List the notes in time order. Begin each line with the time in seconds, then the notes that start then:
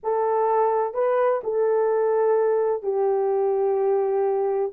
0.03 A4
0.94 B4
1.43 A4
2.82 G4